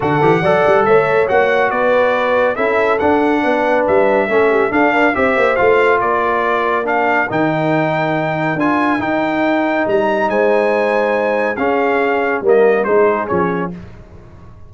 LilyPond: <<
  \new Staff \with { instrumentName = "trumpet" } { \time 4/4 \tempo 4 = 140 fis''2 e''4 fis''4 | d''2 e''4 fis''4~ | fis''4 e''2 f''4 | e''4 f''4 d''2 |
f''4 g''2. | gis''4 g''2 ais''4 | gis''2. f''4~ | f''4 dis''4 c''4 cis''4 | }
  \new Staff \with { instrumentName = "horn" } { \time 4/4 a'4 d''4 cis''2 | b'2 a'2 | b'2 a'8 g'8 a'8 ais'8 | c''2 ais'2~ |
ais'1~ | ais'1 | c''2. gis'4~ | gis'4 ais'4 gis'2 | }
  \new Staff \with { instrumentName = "trombone" } { \time 4/4 fis'8 g'8 a'2 fis'4~ | fis'2 e'4 d'4~ | d'2 cis'4 d'4 | g'4 f'2. |
d'4 dis'2. | f'4 dis'2.~ | dis'2. cis'4~ | cis'4 ais4 dis'4 cis'4 | }
  \new Staff \with { instrumentName = "tuba" } { \time 4/4 d8 e8 fis8 g8 a4 ais4 | b2 cis'4 d'4 | b4 g4 a4 d'4 | c'8 ais8 a4 ais2~ |
ais4 dis2. | d'4 dis'2 g4 | gis2. cis'4~ | cis'4 g4 gis4 f4 | }
>>